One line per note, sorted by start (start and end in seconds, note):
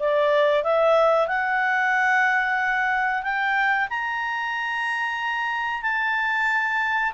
0.00 0.64 D5
0.64 1.28 E5
1.28 3.23 F#5
3.23 3.88 G5
3.90 5.83 A#5
5.83 7.13 A5